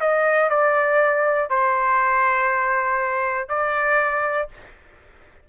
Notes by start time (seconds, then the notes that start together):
0.00 D#5
0.50 D5
1.49 C5
3.49 D5